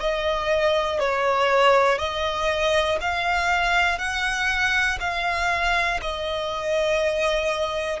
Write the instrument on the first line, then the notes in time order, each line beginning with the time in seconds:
violin
0.00 D#5
1.00 C#5
1.98 D#5
3.00 F5
3.98 F#5
5.00 F5
6.01 D#5